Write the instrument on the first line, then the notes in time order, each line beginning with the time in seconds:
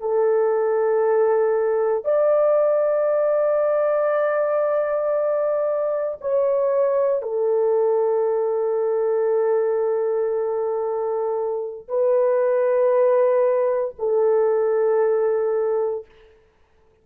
horn
0.00 A4
2.04 D5
6.21 C#5
7.22 A4
11.88 B4
13.98 A4